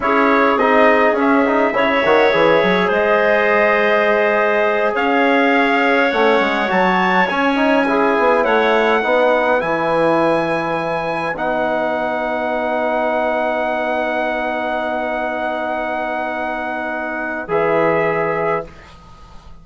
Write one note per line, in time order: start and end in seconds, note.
0.00 0.56 C#4
0.00 0.58 E4
0.00 1.74 G#4
0.00 0.58 C#5
0.56 1.12 C4
0.56 1.16 D#4
0.56 1.16 D#5
1.12 1.70 C#4
1.12 1.45 C#4
1.20 2.93 E5
1.46 1.73 D#4
1.73 2.02 C#3
1.73 2.02 E4
1.73 2.88 C#5
2.04 2.33 D#3
2.04 2.31 F#4
2.31 2.62 E3
2.31 6.10 G#4
2.63 2.90 F#3
2.88 4.94 G#3
2.88 4.92 C5
2.88 4.95 D#5
4.94 6.11 C#4
4.94 7.85 C#5
4.94 6.11 F5
6.11 6.40 A3
6.11 6.67 C#4
6.11 6.69 F#5
6.40 6.69 G#3
6.67 7.29 F#3
6.67 7.25 F#4
6.67 7.28 A5
7.28 8.17 C#4
7.28 7.55 C#4
7.28 8.44 G#5
7.55 7.84 D#4
7.87 9.02 E4
7.87 8.44 G#4
8.18 8.45 B3
8.44 9.03 A3
8.44 9.00 C#5
8.44 9.60 F#5
9.00 9.62 B3
9.00 9.59 D#4
9.00 18.62 B4
9.59 11.34 E3
9.59 11.34 E4
9.59 11.35 G#5
11.34 17.45 B3
11.34 17.47 D#4
11.34 17.49 F#5
17.47 18.64 E3
17.47 18.64 G#4
17.47 18.66 E5